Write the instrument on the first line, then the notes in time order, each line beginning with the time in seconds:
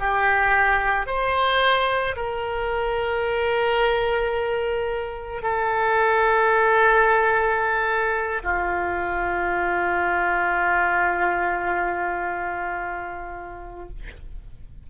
oboe
0.00 G4
1.07 C5
2.16 A#4
5.42 A4
8.43 F4